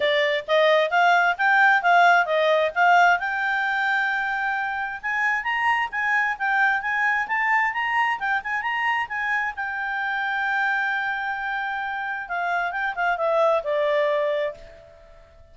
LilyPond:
\new Staff \with { instrumentName = "clarinet" } { \time 4/4 \tempo 4 = 132 d''4 dis''4 f''4 g''4 | f''4 dis''4 f''4 g''4~ | g''2. gis''4 | ais''4 gis''4 g''4 gis''4 |
a''4 ais''4 g''8 gis''8 ais''4 | gis''4 g''2.~ | g''2. f''4 | g''8 f''8 e''4 d''2 | }